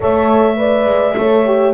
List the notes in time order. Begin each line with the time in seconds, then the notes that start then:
0.00 A3 A4 C#5 E5
0.56 B4 D5
0.85 G#3
1.16 A3 A4 C#5
1.45 G4